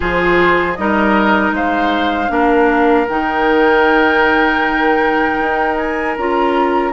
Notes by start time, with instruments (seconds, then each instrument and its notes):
0.00 bassoon F3, clarinet F4, oboe G#4, flute C5
0.74 bassoon G3, clarinet D#4, oboe A#4, flute D#5
1.51 bassoon G#3, oboe C5, flute F5
2.29 bassoon A#3, clarinet D4, oboe A#4
3.08 bassoon D#3, clarinet D#4, flute G5
5.39 bassoon D#4
5.77 flute G#5
6.17 bassoon C#4, clarinet F4, flute A#5